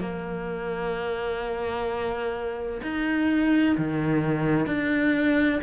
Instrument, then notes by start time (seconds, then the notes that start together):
cello
0.00 A#3
2.83 D#4
3.78 D#3
4.66 D4